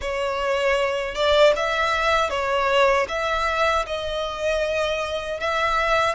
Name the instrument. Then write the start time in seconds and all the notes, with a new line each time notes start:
violin
0.01 C#5
1.14 D5
1.56 E5
2.30 C#5
3.08 E5
3.86 D#5
5.40 E5